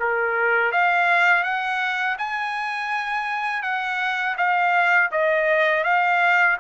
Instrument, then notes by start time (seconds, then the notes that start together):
trumpet
0.00 A#4
0.72 F5
1.44 F#5
2.19 G#5
3.63 F#5
4.37 F5
5.12 D#5
5.84 F5